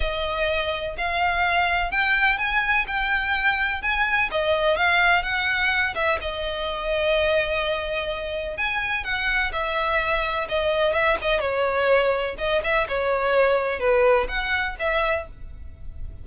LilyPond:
\new Staff \with { instrumentName = "violin" } { \time 4/4 \tempo 4 = 126 dis''2 f''2 | g''4 gis''4 g''2 | gis''4 dis''4 f''4 fis''4~ | fis''8 e''8 dis''2.~ |
dis''2 gis''4 fis''4 | e''2 dis''4 e''8 dis''8 | cis''2 dis''8 e''8 cis''4~ | cis''4 b'4 fis''4 e''4 | }